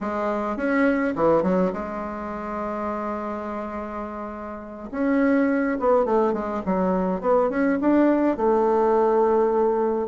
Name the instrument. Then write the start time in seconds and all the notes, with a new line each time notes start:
bassoon
0.00 G#3
0.56 C#4
1.15 E3
1.42 F#3
1.73 G#3
4.91 C#4
5.79 B3
6.05 A3
6.33 G#3
6.65 F#3
7.20 B3
7.49 C#4
7.80 D4
8.36 A3